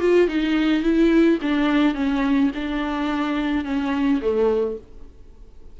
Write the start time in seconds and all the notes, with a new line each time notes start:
0.00 F4
0.28 D#4
0.83 E4
1.41 D4
1.94 C#4
2.55 D4
3.64 C#4
4.21 A3